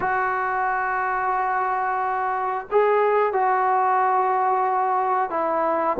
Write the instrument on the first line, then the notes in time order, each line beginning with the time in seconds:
trombone
0.00 F#4
2.71 G#4
3.32 F#4
5.30 E4